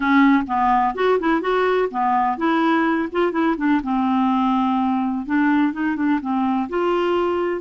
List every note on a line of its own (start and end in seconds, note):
0.00 0.43 C#4
0.47 0.94 B3
0.94 1.18 F#4
1.19 1.41 E4
1.41 1.89 F#4
1.90 2.37 B3
2.37 3.08 E4
3.11 3.32 F4
3.32 3.55 E4
3.57 3.81 D4
3.83 5.26 C4
5.26 5.72 D4
5.72 5.96 D#4
5.96 6.19 D4
6.21 6.68 C4
6.69 7.61 F4